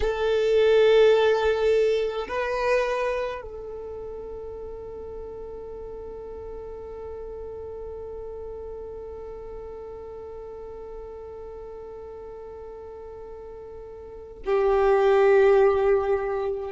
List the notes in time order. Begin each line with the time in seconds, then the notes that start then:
0.00 A4
2.28 B4
3.41 A4
14.45 G4